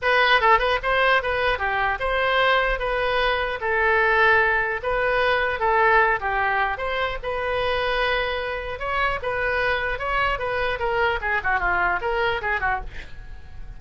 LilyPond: \new Staff \with { instrumentName = "oboe" } { \time 4/4 \tempo 4 = 150 b'4 a'8 b'8 c''4 b'4 | g'4 c''2 b'4~ | b'4 a'2. | b'2 a'4. g'8~ |
g'4 c''4 b'2~ | b'2 cis''4 b'4~ | b'4 cis''4 b'4 ais'4 | gis'8 fis'8 f'4 ais'4 gis'8 fis'8 | }